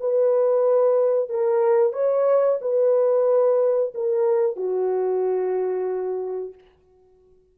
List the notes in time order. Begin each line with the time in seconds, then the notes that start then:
0.00 B4
1.29 A#4
1.93 C#5
2.61 B4
3.94 A#4
4.56 F#4